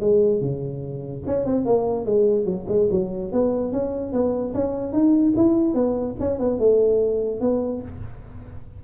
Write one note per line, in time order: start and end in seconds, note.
0.00 0.41 G#3
0.41 1.23 C#3
1.26 1.45 C#4
1.45 1.65 C4
1.65 2.05 A#3
2.05 2.45 G#3
2.45 2.65 F#3
2.68 2.89 G#3
2.91 3.32 F#3
3.32 3.72 B3
3.72 4.12 C#4
4.12 4.54 B3
4.54 4.92 C#4
4.92 5.33 D#4
5.36 5.74 E4
5.74 6.15 B3
6.20 6.39 C#4
6.39 6.59 B3
6.59 7.40 A3
7.40 7.82 B3